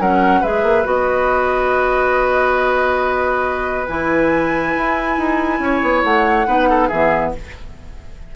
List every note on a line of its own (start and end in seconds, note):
0.00 0.43 F#3
0.00 0.44 C#4
0.00 0.41 A#4
0.00 0.44 F#5
0.41 0.63 G#3
0.41 0.84 G#4
0.41 5.59 B4
0.41 0.87 E5
0.63 0.85 A#3
0.84 3.88 B3
0.84 3.87 F#4
0.84 3.87 D#5
3.87 4.75 E3
3.87 6.47 E4
3.87 6.03 G#5
4.78 5.18 E4
5.18 5.60 D#4
5.60 5.81 C#4
5.60 6.48 C#5
5.82 6.04 B3
6.04 6.47 A3
6.04 6.89 F#5
6.47 6.90 B3
6.47 6.90 D#4
6.47 6.69 B4
6.70 6.88 A4
6.88 7.35 E3
6.88 7.36 B3
6.88 7.32 G#4
6.88 7.32 E5